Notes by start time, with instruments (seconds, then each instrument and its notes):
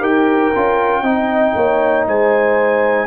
0.00 tuba D#4, trombone G4, horn A#4, trumpet G5
0.55 tuba C#4, trombone F4
1.02 tuba C4, trombone D#4, horn D#5
1.56 tuba A#3, horn C#5
2.07 tuba G#3, horn C5, trumpet G#5